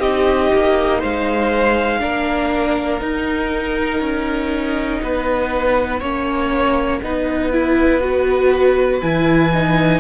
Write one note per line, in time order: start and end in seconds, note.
0.00 0.50 C4
0.00 2.00 D#4
0.00 0.99 G4
0.00 1.01 D#5
0.54 1.03 A#3
0.99 2.02 G#3
0.99 1.99 C5
0.99 3.02 F5
2.00 3.01 A#3
2.00 3.00 D4
2.00 5.02 A#4
3.01 4.01 D#4
3.01 6.01 D#4
3.01 9.02 F#5
4.01 5.01 C#4
5.02 6.01 B3
5.02 6.00 B4
6.00 7.01 A#3
6.00 7.02 C#4
6.00 7.00 C#5
7.03 9.03 B3
7.03 7.52 D#4
7.03 10.00 B4
7.52 8.01 E4
8.01 9.01 F#4
9.02 10.00 E3
9.02 9.52 E4
9.02 10.00 G#5
9.54 10.00 D#4